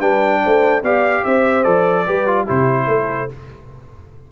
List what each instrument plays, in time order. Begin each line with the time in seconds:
0.00 tuba G3, trombone D4, horn B4, trumpet G5
0.44 tuba A3, horn C5
0.82 tuba B3, trombone G4, horn D5, trumpet F5
1.24 tuba C4, horn C5, trumpet E5
1.64 tuba F3, trombone A4, trumpet D5
2.06 tuba G3, trombone G4, horn B4
2.27 trombone F4
2.45 tuba C3, trombone E4, horn G4, trumpet C5
2.87 tuba A3, horn A4